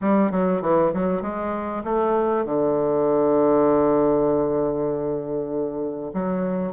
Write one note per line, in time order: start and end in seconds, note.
0.01 0.31 G3
0.31 0.61 F#3
0.61 0.92 E3
0.93 1.22 F#3
1.22 1.83 G#3
1.84 2.45 A3
2.45 6.12 D3
6.13 6.72 F#3